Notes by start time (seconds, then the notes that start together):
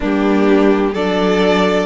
0.00 G3 A#3 D4 G4
0.92 F#3 D4 A4 D5